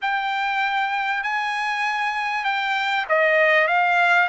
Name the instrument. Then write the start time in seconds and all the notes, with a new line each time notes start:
trumpet
0.01 G5
1.23 G#5
2.44 G5
3.08 D#5
3.67 F5